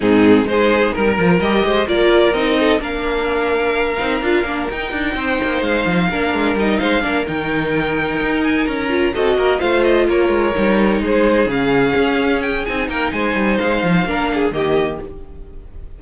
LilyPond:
<<
  \new Staff \with { instrumentName = "violin" } { \time 4/4 \tempo 4 = 128 gis'4 c''4 ais'4 dis''4 | d''4 dis''4 f''2~ | f''2 g''2 | f''2 dis''8 f''4 g''8~ |
g''2 gis''8 ais''4 dis''8~ | dis''8 f''8 dis''8 cis''2 c''8~ | c''8 f''2 g''8 gis''8 g''8 | gis''4 f''2 dis''4 | }
  \new Staff \with { instrumentName = "violin" } { \time 4/4 dis'4 gis'4 ais'4. c''8 | ais'4. a'8 ais'2~ | ais'2. c''4~ | c''4 ais'4. c''8 ais'4~ |
ais'2.~ ais'8 a'8 | ais'8 c''4 ais'2 gis'8~ | gis'2.~ gis'8 ais'8 | c''2 ais'8 gis'8 g'4 | }
  \new Staff \with { instrumentName = "viola" } { \time 4/4 c'4 dis'4. f'8 g'4 | f'4 dis'4 d'2~ | d'8 dis'8 f'8 d'8 dis'2~ | dis'4 d'4 dis'4 d'8 dis'8~ |
dis'2. f'8 fis'8~ | fis'8 f'2 dis'4.~ | dis'8 cis'2~ cis'8 dis'4~ | dis'2 d'4 ais4 | }
  \new Staff \with { instrumentName = "cello" } { \time 4/4 gis,4 gis4 g8 f8 g8 gis8 | ais4 c'4 ais2~ | ais8 c'8 d'8 ais8 dis'8 d'8 c'8 ais8 | gis8 f8 ais8 gis8 g8 gis8 ais8 dis8~ |
dis4. dis'4 cis'4 c'8 | ais8 a4 ais8 gis8 g4 gis8~ | gis8 cis4 cis'4. c'8 ais8 | gis8 g8 gis8 f8 ais4 dis4 | }
>>